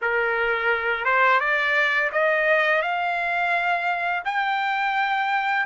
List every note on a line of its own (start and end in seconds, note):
0.01 1.04 A#4
1.04 1.39 C5
1.39 2.10 D5
2.11 2.81 D#5
2.81 4.23 F5
4.24 5.65 G5